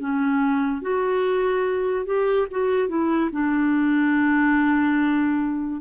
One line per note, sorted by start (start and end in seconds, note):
0.00 0.82 C#4
0.82 2.06 F#4
2.06 2.47 G4
2.51 2.88 F#4
2.88 3.30 E4
3.32 5.81 D4